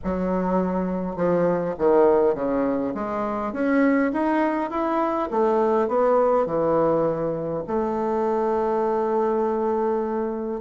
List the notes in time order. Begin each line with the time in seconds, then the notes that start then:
0.04 F#3
1.16 F3
1.78 D#3
2.34 C#3
2.94 G#3
3.52 C#4
4.13 D#4
4.70 E4
5.30 A3
5.88 B3
6.46 E3
7.67 A3